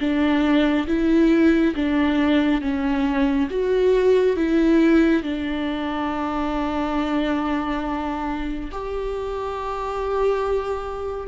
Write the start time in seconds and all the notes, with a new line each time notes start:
0.00 D4
0.87 E4
1.75 D4
2.61 C#4
3.51 F#4
4.37 E4
5.23 D4
8.72 G4